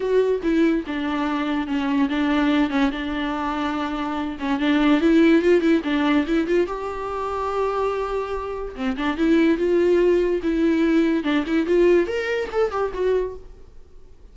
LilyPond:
\new Staff \with { instrumentName = "viola" } { \time 4/4 \tempo 4 = 144 fis'4 e'4 d'2 | cis'4 d'4. cis'8 d'4~ | d'2~ d'8 cis'8 d'4 | e'4 f'8 e'8 d'4 e'8 f'8 |
g'1~ | g'4 c'8 d'8 e'4 f'4~ | f'4 e'2 d'8 e'8 | f'4 ais'4 a'8 g'8 fis'4 | }